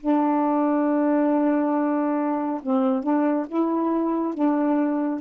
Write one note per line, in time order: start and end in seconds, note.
0.00 2.61 D4
2.62 3.03 C4
3.03 3.47 D4
3.48 4.34 E4
4.34 5.21 D4